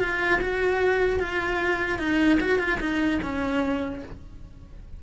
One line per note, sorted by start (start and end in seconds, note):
0.00 0.40 F4
0.41 1.20 F#4
1.20 1.99 F4
1.99 2.39 D#4
2.40 2.59 F#4
2.59 2.79 F4
2.80 3.20 D#4
3.23 4.03 C#4